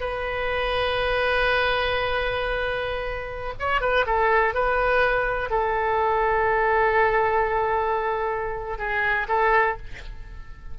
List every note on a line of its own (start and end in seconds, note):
0.00 3.54 B4
3.59 3.80 C#5
3.80 4.05 B4
4.06 4.54 A4
4.54 5.50 B4
5.50 8.78 A4
8.78 9.27 G#4
9.28 9.77 A4